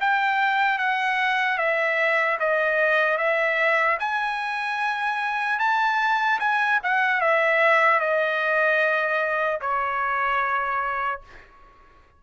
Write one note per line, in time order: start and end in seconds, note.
0.00 0.78 G5
0.78 1.57 F#5
1.57 2.37 E5
2.39 3.17 D#5
3.17 3.97 E5
3.99 5.59 G#5
5.59 6.39 A5
6.39 6.79 G#5
6.83 7.20 F#5
7.20 8.00 E5
8.00 9.60 D#5
9.60 11.20 C#5